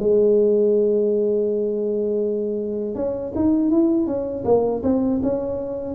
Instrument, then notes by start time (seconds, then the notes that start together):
tuba
0.00 G#3
2.96 C#4
3.36 D#4
3.71 E4
4.07 C#4
4.45 A#3
4.84 C4
5.23 C#4